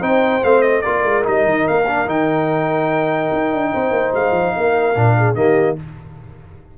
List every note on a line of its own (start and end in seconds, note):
0.00 0.42 C4
0.00 0.42 D#4
0.00 0.82 C5
0.00 0.44 G5
0.42 0.85 A3
0.42 0.83 C4
0.42 0.62 F5
0.62 0.82 D#5
0.82 1.04 A#3
0.82 1.23 F4
0.82 3.72 A#4
0.82 1.23 D5
1.04 1.25 G#3
1.23 1.45 G3
1.23 1.85 D#4
1.23 1.68 D#5
1.45 1.65 D#3
1.68 2.06 A#3
1.68 2.09 F5
1.87 2.07 D4
2.06 3.29 D#3
2.06 4.95 D#4
2.06 4.14 G5
3.33 3.53 D#4
3.53 3.73 D4
3.74 3.90 C4
3.74 4.56 C5
3.90 4.11 A#3
4.14 4.31 G#3
4.14 5.35 F5
4.31 4.52 F3
4.56 4.96 A#3
4.56 5.18 A#4
4.95 5.35 A#2
4.95 5.35 D4
5.18 5.37 G#4
5.35 5.76 D#3
5.35 5.76 A#3
5.35 5.78 G4
5.35 5.76 D#5